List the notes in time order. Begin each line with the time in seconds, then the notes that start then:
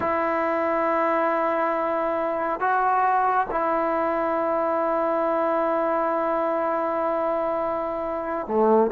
0.00 E4
2.59 F#4
3.50 E4
8.47 A3